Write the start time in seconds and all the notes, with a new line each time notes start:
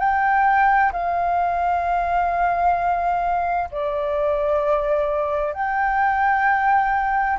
0.00 G5
0.93 F5
3.71 D5
5.54 G5